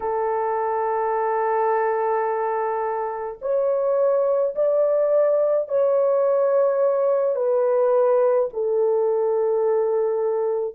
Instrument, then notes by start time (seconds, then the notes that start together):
horn
0.00 A4
3.41 C#5
4.55 D5
5.68 C#5
7.35 B4
8.53 A4